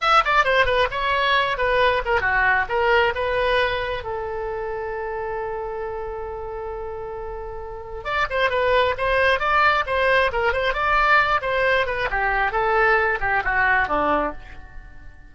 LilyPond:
\new Staff \with { instrumentName = "oboe" } { \time 4/4 \tempo 4 = 134 e''8 d''8 c''8 b'8 cis''4. b'8~ | b'8 ais'8 fis'4 ais'4 b'4~ | b'4 a'2.~ | a'1~ |
a'2 d''8 c''8 b'4 | c''4 d''4 c''4 ais'8 c''8 | d''4. c''4 b'8 g'4 | a'4. g'8 fis'4 d'4 | }